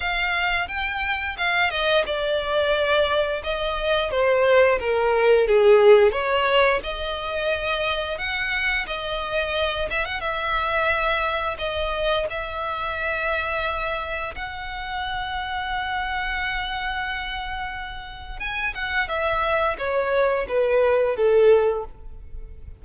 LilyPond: \new Staff \with { instrumentName = "violin" } { \time 4/4 \tempo 4 = 88 f''4 g''4 f''8 dis''8 d''4~ | d''4 dis''4 c''4 ais'4 | gis'4 cis''4 dis''2 | fis''4 dis''4. e''16 fis''16 e''4~ |
e''4 dis''4 e''2~ | e''4 fis''2.~ | fis''2. gis''8 fis''8 | e''4 cis''4 b'4 a'4 | }